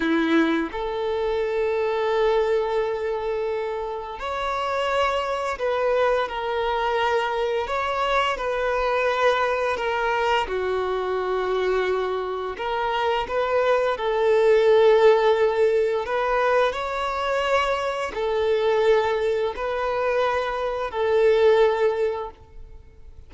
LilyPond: \new Staff \with { instrumentName = "violin" } { \time 4/4 \tempo 4 = 86 e'4 a'2.~ | a'2 cis''2 | b'4 ais'2 cis''4 | b'2 ais'4 fis'4~ |
fis'2 ais'4 b'4 | a'2. b'4 | cis''2 a'2 | b'2 a'2 | }